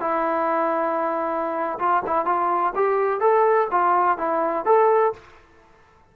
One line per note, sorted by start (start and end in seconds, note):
0.00 1.79 E4
1.79 2.02 F4
2.06 2.25 E4
2.25 2.73 F4
2.75 3.20 G4
3.20 3.68 A4
3.71 4.18 F4
4.18 4.65 E4
4.65 5.13 A4